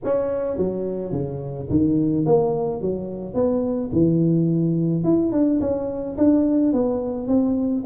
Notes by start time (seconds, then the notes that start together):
0.04 C#4
0.57 F#3
1.12 C#3
1.69 D#3
2.25 A#3
2.81 F#3
3.34 B3
3.92 E3
5.04 E4
5.32 D4
5.60 C#4
6.17 D4
6.73 B3
7.27 C4